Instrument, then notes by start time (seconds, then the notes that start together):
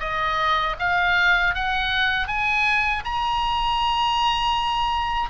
oboe
0.00 D#5
0.79 F5
1.55 F#5
2.28 G#5
3.05 A#5